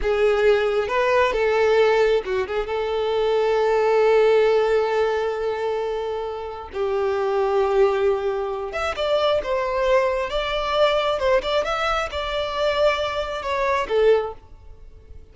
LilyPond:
\new Staff \with { instrumentName = "violin" } { \time 4/4 \tempo 4 = 134 gis'2 b'4 a'4~ | a'4 fis'8 gis'8 a'2~ | a'1~ | a'2. g'4~ |
g'2.~ g'8 e''8 | d''4 c''2 d''4~ | d''4 c''8 d''8 e''4 d''4~ | d''2 cis''4 a'4 | }